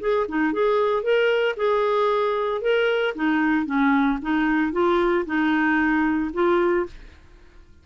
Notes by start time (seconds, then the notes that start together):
0.00 G#4
0.28 D#4
0.53 G#4
1.03 A#4
1.56 G#4
2.61 A#4
3.15 D#4
3.66 C#4
4.21 D#4
4.72 F4
5.25 D#4
6.33 F4